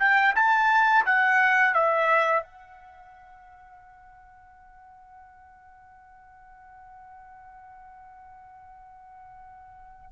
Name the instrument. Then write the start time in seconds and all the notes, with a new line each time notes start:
trumpet
0.00 G5
0.36 A5
1.06 F#5
1.74 E5
2.44 F#5